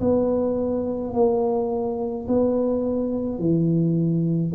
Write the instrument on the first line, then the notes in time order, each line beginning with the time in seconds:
tuba
0.00 B3
1.13 A#3
2.27 B3
3.38 E3